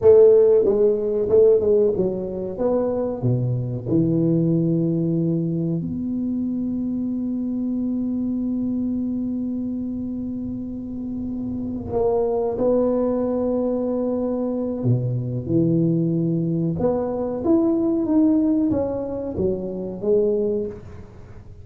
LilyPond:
\new Staff \with { instrumentName = "tuba" } { \time 4/4 \tempo 4 = 93 a4 gis4 a8 gis8 fis4 | b4 b,4 e2~ | e4 b2.~ | b1~ |
b2~ b8 ais4 b8~ | b2. b,4 | e2 b4 e'4 | dis'4 cis'4 fis4 gis4 | }